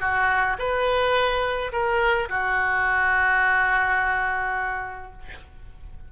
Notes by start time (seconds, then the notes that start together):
0.00 F#4
0.58 B4
1.72 A#4
2.29 F#4